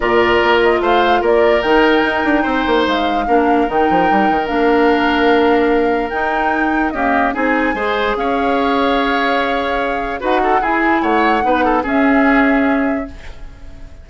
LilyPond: <<
  \new Staff \with { instrumentName = "flute" } { \time 4/4 \tempo 4 = 147 d''4. dis''8 f''4 d''4 | g''2. f''4~ | f''4 g''2 f''4~ | f''2. g''4~ |
g''4 dis''4 gis''2 | f''1~ | f''4 fis''4 gis''4 fis''4~ | fis''4 e''2. | }
  \new Staff \with { instrumentName = "oboe" } { \time 4/4 ais'2 c''4 ais'4~ | ais'2 c''2 | ais'1~ | ais'1~ |
ais'4 g'4 gis'4 c''4 | cis''1~ | cis''4 b'8 a'8 gis'4 cis''4 | b'8 a'8 gis'2. | }
  \new Staff \with { instrumentName = "clarinet" } { \time 4/4 f'1 | dis'1 | d'4 dis'2 d'4~ | d'2. dis'4~ |
dis'4 ais4 dis'4 gis'4~ | gis'1~ | gis'4 fis'4 e'2 | dis'4 cis'2. | }
  \new Staff \with { instrumentName = "bassoon" } { \time 4/4 ais,4 ais4 a4 ais4 | dis4 dis'8 d'8 c'8 ais8 gis4 | ais4 dis8 f8 g8 dis8 ais4~ | ais2. dis'4~ |
dis'4 cis'4 c'4 gis4 | cis'1~ | cis'4 dis'4 e'4 a4 | b4 cis'2. | }
>>